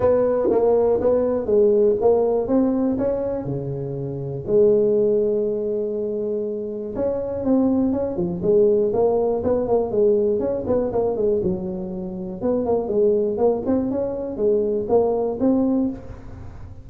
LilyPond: \new Staff \with { instrumentName = "tuba" } { \time 4/4 \tempo 4 = 121 b4 ais4 b4 gis4 | ais4 c'4 cis'4 cis4~ | cis4 gis2.~ | gis2 cis'4 c'4 |
cis'8 f8 gis4 ais4 b8 ais8 | gis4 cis'8 b8 ais8 gis8 fis4~ | fis4 b8 ais8 gis4 ais8 c'8 | cis'4 gis4 ais4 c'4 | }